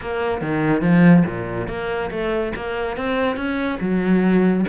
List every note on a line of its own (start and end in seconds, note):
0.01 0.41 A#3
0.41 0.81 D#3
0.81 1.23 F3
1.26 1.68 A#2
1.68 2.10 A#3
2.10 2.53 A3
2.55 2.96 A#3
2.96 3.36 C4
3.36 3.78 C#4
3.80 4.65 F#3